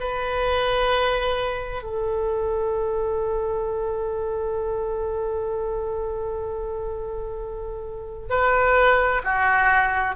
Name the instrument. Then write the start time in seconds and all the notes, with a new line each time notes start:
oboe
0.00 B4
1.83 A4
8.30 B4
9.24 F#4